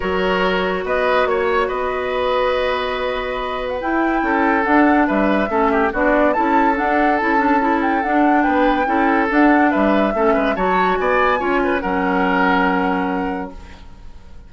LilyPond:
<<
  \new Staff \with { instrumentName = "flute" } { \time 4/4 \tempo 4 = 142 cis''2 dis''4 cis''4 | dis''1~ | dis''8. fis''16 g''2 fis''4 | e''2 d''4 a''4 |
fis''4 a''4. g''8 fis''4 | g''2 fis''4 e''4~ | e''4 a''4 gis''2 | fis''1 | }
  \new Staff \with { instrumentName = "oboe" } { \time 4/4 ais'2 b'4 cis''4 | b'1~ | b'2 a'2 | b'4 a'8 g'8 fis'4 a'4~ |
a'1 | b'4 a'2 b'4 | a'8 b'8 cis''4 d''4 cis''8 b'8 | ais'1 | }
  \new Staff \with { instrumentName = "clarinet" } { \time 4/4 fis'1~ | fis'1~ | fis'4 e'2 d'4~ | d'4 cis'4 d'4 e'4 |
d'4 e'8 d'8 e'4 d'4~ | d'4 e'4 d'2 | cis'4 fis'2 f'4 | cis'1 | }
  \new Staff \with { instrumentName = "bassoon" } { \time 4/4 fis2 b4 ais4 | b1~ | b4 e'4 cis'4 d'4 | g4 a4 b4 cis'4 |
d'4 cis'2 d'4 | b4 cis'4 d'4 g4 | a8 gis8 fis4 b4 cis'4 | fis1 | }
>>